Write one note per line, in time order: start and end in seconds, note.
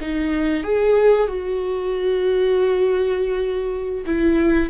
0.00 0.63 D#4
0.63 1.27 G#4
1.27 4.05 F#4
4.06 4.69 E4